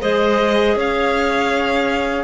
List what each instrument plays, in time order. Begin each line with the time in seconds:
0.00 cello G#3, clarinet G#4 C5, violin D#5
0.75 cello C#4, clarinet C#5, violin F5